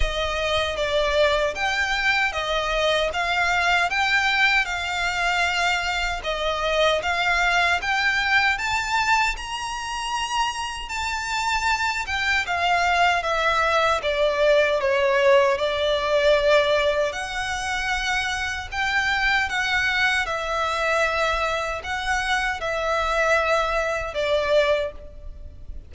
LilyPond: \new Staff \with { instrumentName = "violin" } { \time 4/4 \tempo 4 = 77 dis''4 d''4 g''4 dis''4 | f''4 g''4 f''2 | dis''4 f''4 g''4 a''4 | ais''2 a''4. g''8 |
f''4 e''4 d''4 cis''4 | d''2 fis''2 | g''4 fis''4 e''2 | fis''4 e''2 d''4 | }